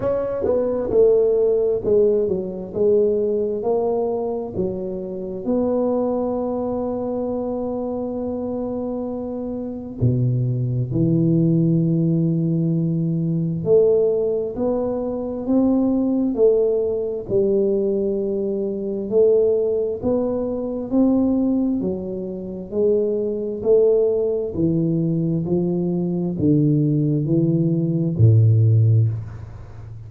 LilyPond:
\new Staff \with { instrumentName = "tuba" } { \time 4/4 \tempo 4 = 66 cis'8 b8 a4 gis8 fis8 gis4 | ais4 fis4 b2~ | b2. b,4 | e2. a4 |
b4 c'4 a4 g4~ | g4 a4 b4 c'4 | fis4 gis4 a4 e4 | f4 d4 e4 a,4 | }